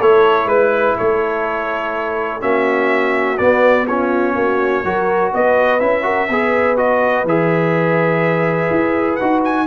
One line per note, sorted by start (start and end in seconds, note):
0.00 0.46 A3
0.00 2.41 E4
0.00 0.48 A4
0.00 0.49 C#5
0.46 0.95 G#3
0.46 0.96 B4
0.46 0.97 B4
0.98 2.43 A3
0.98 2.42 A4
0.98 2.42 C#5
2.41 3.40 A#3
2.41 3.38 C#4
2.41 3.87 F#4
2.41 3.38 E5
3.38 3.88 B3
3.38 4.36 B3
3.38 3.86 D5
3.87 4.85 C#4
3.87 4.36 F4
3.87 5.33 C#5
4.36 4.84 A#3
4.36 4.84 F#4
4.84 5.33 F#3
4.84 5.81 F#4
4.84 5.32 A#4
5.34 5.82 B3
5.34 6.05 B4
5.34 5.81 D#5
5.81 6.30 C#4
5.81 6.03 E4
5.81 6.77 E5
6.03 6.27 F#4
6.03 6.29 A#4
6.30 7.25 B3
6.30 6.77 G#4
6.30 9.67 B4
6.77 7.26 F#4
6.77 7.26 D#5
7.25 8.70 E3
7.25 9.21 G#4
7.25 9.16 E5
8.70 9.19 E4
9.16 9.67 D#4
9.16 9.67 F#4
9.16 9.40 F#5
9.45 9.67 G#5